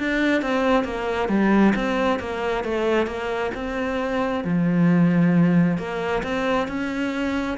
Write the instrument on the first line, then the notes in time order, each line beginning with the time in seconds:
cello
0.00 D4
0.42 C4
0.85 A#3
1.29 G3
1.76 C4
2.20 A#3
2.65 A3
3.07 A#3
3.55 C4
4.45 F3
5.78 A#3
6.24 C4
6.68 C#4